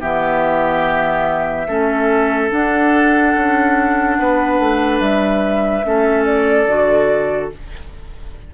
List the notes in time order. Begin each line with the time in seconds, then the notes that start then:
0.00 E3 B3 G4 E5
1.67 A3 C#4 A4
2.49 D4 F#5
3.35 C#4
4.18 B3 B4
4.59 A3
4.99 G3 E5
5.83 A3 C#4 A4
6.24 D5
6.66 D3 F#4